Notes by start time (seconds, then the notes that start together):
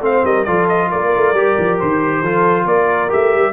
0.00 A3 C4 C5 F5
0.24 G3 A#4 D#5
0.44 F3 F4 A4 D5
0.68 D#5
0.88 A#3 A#4 D5
1.16 A3
1.33 G3 G4
1.58 F3
1.79 D#3 C5
2.21 F3 F4 A4
2.65 A#3 A#4 D5
3.08 A3 G4 E5
3.35 G3